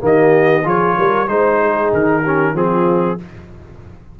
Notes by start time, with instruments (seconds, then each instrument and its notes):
0.00 tuba D#3, trombone A#3, horn G4, trumpet D#5
0.64 tuba F3, trombone F4, horn G#4, trumpet C#5
0.97 tuba G3, horn A#4
1.27 tuba G#3, trombone D#4, trumpet C5, horn C5
1.61 horn G#4
1.92 tuba D#3, trumpet A#4
2.22 trombone C#4, horn G4
2.54 tuba F3, trombone C4, horn F4, trumpet G#4